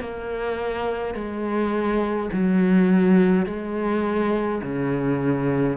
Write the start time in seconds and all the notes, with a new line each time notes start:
0.00 A#3
1.14 G#3
2.33 F#3
3.46 G#3
4.63 C#3